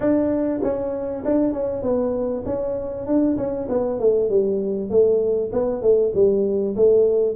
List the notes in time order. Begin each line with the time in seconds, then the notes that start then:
0.00 D4
0.62 C#4
1.24 D4
1.53 C#4
1.82 B3
2.45 C#4
3.06 D4
3.37 C#4
3.68 B3
3.99 A3
4.29 G3
4.90 A3
5.52 B3
5.82 A3
6.14 G3
6.76 A3